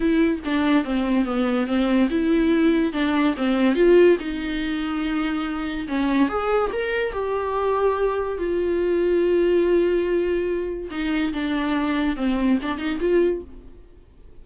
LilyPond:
\new Staff \with { instrumentName = "viola" } { \time 4/4 \tempo 4 = 143 e'4 d'4 c'4 b4 | c'4 e'2 d'4 | c'4 f'4 dis'2~ | dis'2 cis'4 gis'4 |
ais'4 g'2. | f'1~ | f'2 dis'4 d'4~ | d'4 c'4 d'8 dis'8 f'4 | }